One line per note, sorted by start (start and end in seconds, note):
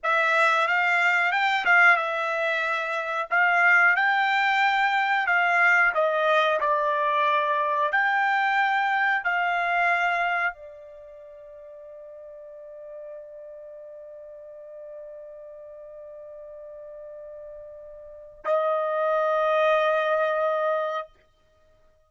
0.03 0.67 E5
0.67 1.32 F5
1.32 1.65 G5
1.65 1.96 F5
1.96 3.28 E5
3.30 3.96 F5
3.96 5.26 G5
5.26 5.92 F5
5.94 6.60 D#5
6.60 7.92 D5
7.92 9.23 G5
9.24 10.53 F5
10.53 18.44 D5
18.44 21.08 D#5